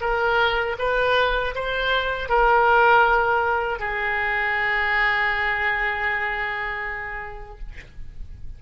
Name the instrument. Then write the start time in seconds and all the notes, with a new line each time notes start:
oboe
0.00 A#4
0.78 B4
1.55 C5
2.29 A#4
3.79 G#4